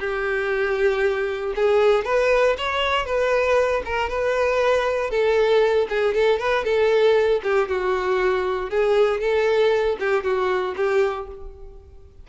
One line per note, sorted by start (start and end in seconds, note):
0.00 1.54 G4
1.56 2.05 G#4
2.05 2.57 B4
2.58 3.06 C#5
3.06 3.83 B4
3.85 4.09 A#4
4.09 5.11 B4
5.11 5.88 A4
5.90 6.15 G#4
6.15 6.39 A4
6.39 6.65 B4
6.65 7.42 A4
7.44 7.69 G4
7.69 8.70 F#4
8.70 9.21 G#4
9.21 9.98 A4
10.00 10.24 G4
10.24 10.75 F#4
10.77 11.28 G4